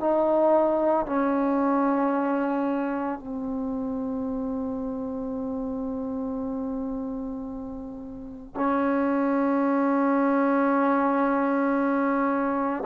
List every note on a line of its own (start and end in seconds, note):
0.00 1.06 D#4
1.06 3.19 C#4
3.19 8.55 C4
8.55 12.84 C#4